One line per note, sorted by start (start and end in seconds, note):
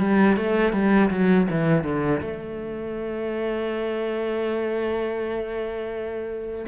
0.00 0.37 G3
0.37 0.73 A3
0.73 1.10 G3
1.10 1.47 F#3
1.51 1.84 E3
1.84 2.21 D3
2.21 6.66 A3